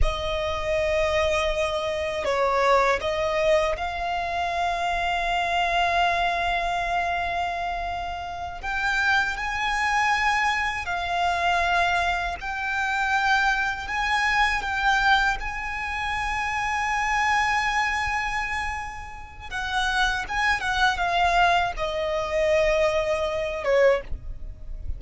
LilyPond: \new Staff \with { instrumentName = "violin" } { \time 4/4 \tempo 4 = 80 dis''2. cis''4 | dis''4 f''2.~ | f''2.~ f''8 g''8~ | g''8 gis''2 f''4.~ |
f''8 g''2 gis''4 g''8~ | g''8 gis''2.~ gis''8~ | gis''2 fis''4 gis''8 fis''8 | f''4 dis''2~ dis''8 cis''8 | }